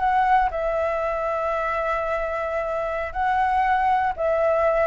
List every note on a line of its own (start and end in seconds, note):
0.00 0.50 F#5
0.51 3.13 E5
3.13 4.13 F#5
4.17 4.87 E5